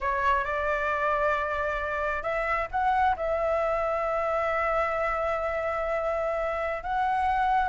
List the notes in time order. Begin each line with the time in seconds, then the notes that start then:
0.01 C#5
0.44 D5
2.22 E5
2.71 F#5
3.16 E5
6.83 F#5